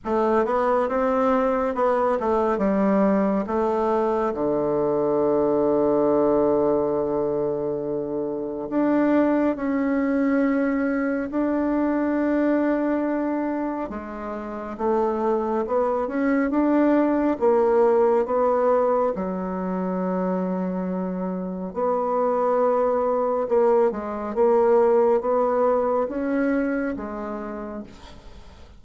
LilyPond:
\new Staff \with { instrumentName = "bassoon" } { \time 4/4 \tempo 4 = 69 a8 b8 c'4 b8 a8 g4 | a4 d2.~ | d2 d'4 cis'4~ | cis'4 d'2. |
gis4 a4 b8 cis'8 d'4 | ais4 b4 fis2~ | fis4 b2 ais8 gis8 | ais4 b4 cis'4 gis4 | }